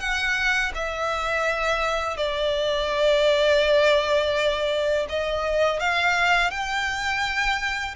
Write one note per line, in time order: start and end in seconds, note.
0.00 0.72 F#5
0.75 2.17 E5
2.17 5.06 D5
5.09 5.80 D#5
5.80 6.51 F5
6.51 7.95 G5